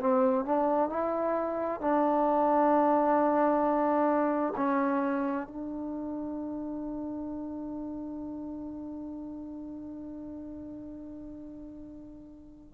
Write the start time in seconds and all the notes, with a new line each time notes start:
0.00 C4
0.45 D4
0.89 E4
1.80 D4
4.56 C#4
5.47 D4